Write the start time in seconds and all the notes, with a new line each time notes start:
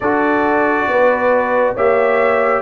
0.00 D4 F#4 A4 D5
0.87 B3 B4
1.74 A#3 G4 C#5 E5